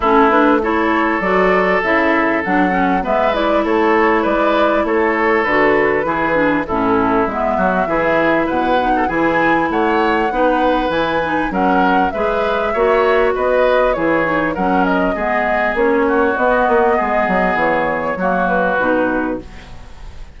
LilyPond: <<
  \new Staff \with { instrumentName = "flute" } { \time 4/4 \tempo 4 = 99 a'8 b'8 cis''4 d''4 e''4 | fis''4 e''8 d''8 cis''4 d''4 | cis''4 b'2 a'4 | e''2 fis''4 gis''4 |
fis''2 gis''4 fis''4 | e''2 dis''4 cis''4 | fis''8 dis''4. cis''4 dis''4~ | dis''4 cis''4. b'4. | }
  \new Staff \with { instrumentName = "oboe" } { \time 4/4 e'4 a'2.~ | a'4 b'4 a'4 b'4 | a'2 gis'4 e'4~ | e'8 fis'8 gis'4 b'8. a'16 gis'4 |
cis''4 b'2 ais'4 | b'4 cis''4 b'4 gis'4 | ais'4 gis'4. fis'4. | gis'2 fis'2 | }
  \new Staff \with { instrumentName = "clarinet" } { \time 4/4 cis'8 d'8 e'4 fis'4 e'4 | d'8 cis'8 b8 e'2~ e'8~ | e'4 fis'4 e'8 d'8 cis'4 | b4 e'4. dis'8 e'4~ |
e'4 dis'4 e'8 dis'8 cis'4 | gis'4 fis'2 e'8 dis'8 | cis'4 b4 cis'4 b4~ | b2 ais4 dis'4 | }
  \new Staff \with { instrumentName = "bassoon" } { \time 4/4 a2 fis4 cis4 | fis4 gis4 a4 gis4 | a4 d4 e4 a,4 | gis8 fis8 e4 b,4 e4 |
a4 b4 e4 fis4 | gis4 ais4 b4 e4 | fis4 gis4 ais4 b8 ais8 | gis8 fis8 e4 fis4 b,4 | }
>>